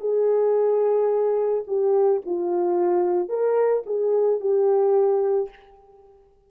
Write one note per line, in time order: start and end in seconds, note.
0.00 1.64 G#4
1.67 2.22 G4
2.26 3.29 F4
3.29 3.83 A#4
3.86 4.40 G#4
4.40 5.49 G4